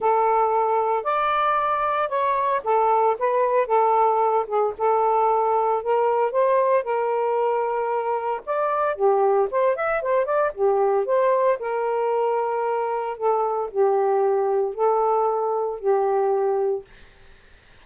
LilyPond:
\new Staff \with { instrumentName = "saxophone" } { \time 4/4 \tempo 4 = 114 a'2 d''2 | cis''4 a'4 b'4 a'4~ | a'8 gis'8 a'2 ais'4 | c''4 ais'2. |
d''4 g'4 c''8 e''8 c''8 d''8 | g'4 c''4 ais'2~ | ais'4 a'4 g'2 | a'2 g'2 | }